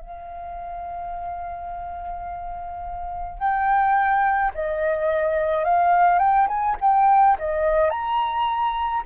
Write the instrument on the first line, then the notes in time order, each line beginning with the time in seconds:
flute
0.00 F5
3.39 G5
4.55 D#5
5.64 F5
6.19 G5
6.48 G#5
6.81 G5
7.39 D#5
7.90 A#5